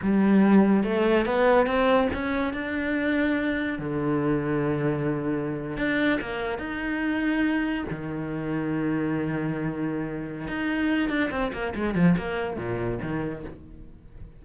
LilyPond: \new Staff \with { instrumentName = "cello" } { \time 4/4 \tempo 4 = 143 g2 a4 b4 | c'4 cis'4 d'2~ | d'4 d2.~ | d4.~ d16 d'4 ais4 dis'16~ |
dis'2~ dis'8. dis4~ dis16~ | dis1~ | dis4 dis'4. d'8 c'8 ais8 | gis8 f8 ais4 ais,4 dis4 | }